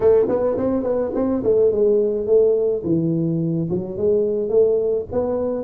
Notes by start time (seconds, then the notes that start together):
0.00 A3
0.28 B3
0.57 C4
0.83 B3
1.14 C4
1.43 A3
1.71 G#3
2.26 A3
2.83 E3
3.70 F#3
3.97 G#3
4.49 A3
5.11 B3